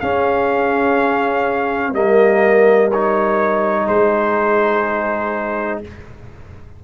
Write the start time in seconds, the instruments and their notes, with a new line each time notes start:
0.00 tuba C#4, trombone C#4, horn G#4, trumpet F5
1.93 tuba G3, trombone A#3, horn A#4, trumpet D#5
2.91 trombone D#4, trumpet C#5
3.87 tuba G#3, horn G#4, trumpet C5